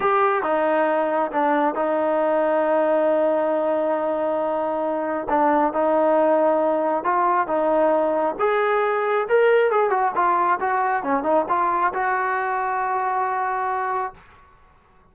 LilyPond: \new Staff \with { instrumentName = "trombone" } { \time 4/4 \tempo 4 = 136 g'4 dis'2 d'4 | dis'1~ | dis'1 | d'4 dis'2. |
f'4 dis'2 gis'4~ | gis'4 ais'4 gis'8 fis'8 f'4 | fis'4 cis'8 dis'8 f'4 fis'4~ | fis'1 | }